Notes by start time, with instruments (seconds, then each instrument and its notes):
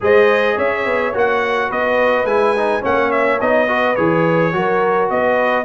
0.00 tuba G#3, trombone G#4, horn C5, trumpet D#5
0.56 tuba C#4, horn C#5, trumpet E5
0.85 tuba B3
1.13 tuba A#3, trombone F#4, trumpet F#5
1.69 tuba B3, horn B4, trumpet D#5
2.24 tuba G#3, trombone E4, trumpet G#5
2.56 trombone D#4
2.81 tuba A#3, trombone C#4, horn C#5, trumpet F#5
3.11 trumpet E5
3.40 tuba B3, trombone D#4, trumpet D#5
3.67 trombone F#4, horn B4
3.95 tuba E3, trombone G#4, trumpet C#5
4.52 tuba F#3, trombone F#4, horn A#4
5.10 tuba B3, horn B4, trumpet D#5